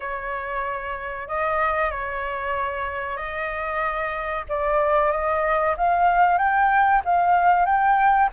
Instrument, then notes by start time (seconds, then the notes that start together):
flute
0.00 C#5
1.28 D#5
1.91 C#5
3.17 D#5
4.48 D5
5.11 D#5
5.77 F5
6.38 G5
7.04 F5
7.65 G5